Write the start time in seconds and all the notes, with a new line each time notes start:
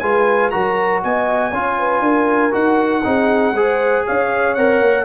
0.00 G#3 F4 B4 G#5
0.51 F#3 F#4 A#4 A#5
1.04 B3 D#5 G#5
1.51 C#4 F4 C#5
1.79 B4
2.01 D4 A#4
2.52 D#4 F#4 F#5
3.04 C4 D#4 G#4
3.52 G#3 G#4 C5
4.06 C#4 C#5 F5
4.55 C4 A#4 F#5
4.81 A#3